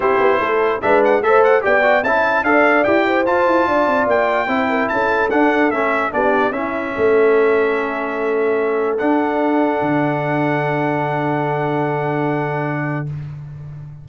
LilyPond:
<<
  \new Staff \with { instrumentName = "trumpet" } { \time 4/4 \tempo 4 = 147 c''2 e''8 fis''8 e''8 fis''8 | g''4 a''4 f''4 g''4 | a''2 g''2 | a''4 fis''4 e''4 d''4 |
e''1~ | e''2 fis''2~ | fis''1~ | fis''1 | }
  \new Staff \with { instrumentName = "horn" } { \time 4/4 g'4 a'4 b'4 c''4 | d''4 e''4 d''4. c''8~ | c''4 d''2 c''8 ais'8 | a'2. g'4 |
e'4 a'2.~ | a'1~ | a'1~ | a'1 | }
  \new Staff \with { instrumentName = "trombone" } { \time 4/4 e'2 d'4 a'4 | g'8 fis'8 e'4 a'4 g'4 | f'2. e'4~ | e'4 d'4 cis'4 d'4 |
cis'1~ | cis'2 d'2~ | d'1~ | d'1 | }
  \new Staff \with { instrumentName = "tuba" } { \time 4/4 c'8 b8 a4 gis4 a4 | b4 cis'4 d'4 e'4 | f'8 e'8 d'8 c'8 ais4 c'4 | cis'4 d'4 a4 b4 |
cis'4 a2.~ | a2 d'2 | d1~ | d1 | }
>>